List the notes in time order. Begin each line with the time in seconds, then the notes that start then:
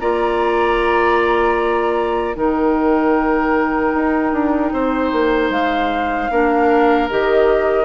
0.00 A#3 F4 D5 A#5
2.35 D#3 D#4 A#4 G5
3.95 D#4
4.33 D4
4.73 C4 C5
5.13 A#3
5.50 G#3 F5
6.31 A#3 D4 A#4
7.10 D#3 G4 D#5